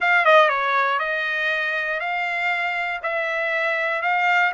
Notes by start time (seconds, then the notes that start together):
0.00 F5
0.25 D#5
0.48 C#5
0.99 D#5
1.99 F5
3.03 E5
4.02 F5